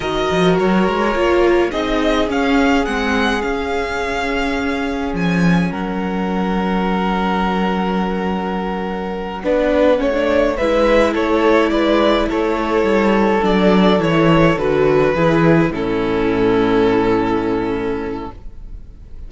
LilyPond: <<
  \new Staff \with { instrumentName = "violin" } { \time 4/4 \tempo 4 = 105 dis''4 cis''2 dis''4 | f''4 fis''4 f''2~ | f''4 gis''4 fis''2~ | fis''1~ |
fis''2~ fis''8 e''4 cis''8~ | cis''8 d''4 cis''2 d''8~ | d''8 cis''4 b'2 a'8~ | a'1 | }
  \new Staff \with { instrumentName = "violin" } { \time 4/4 ais'2. gis'4~ | gis'1~ | gis'2 ais'2~ | ais'1~ |
ais'8 b'4 cis''4 b'4 a'8~ | a'8 b'4 a'2~ a'8~ | a'2~ a'8 gis'4 e'8~ | e'1 | }
  \new Staff \with { instrumentName = "viola" } { \time 4/4 fis'2 f'4 dis'4 | cis'4 c'4 cis'2~ | cis'1~ | cis'1~ |
cis'8 d'4 cis'16 d'8. e'4.~ | e'2.~ e'8 d'8~ | d'8 e'4 fis'4 e'4 cis'8~ | cis'1 | }
  \new Staff \with { instrumentName = "cello" } { \time 4/4 dis8 f8 fis8 gis8 ais4 c'4 | cis'4 gis4 cis'2~ | cis'4 f4 fis2~ | fis1~ |
fis8 b4 a4 gis4 a8~ | a8 gis4 a4 g4 fis8~ | fis8 e4 d4 e4 a,8~ | a,1 | }
>>